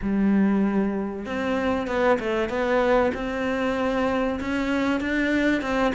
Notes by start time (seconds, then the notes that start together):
0.02 G3
1.25 C4
1.87 B3
2.19 A3
2.49 B3
3.14 C4
4.40 C#4
5.00 D4
5.61 C4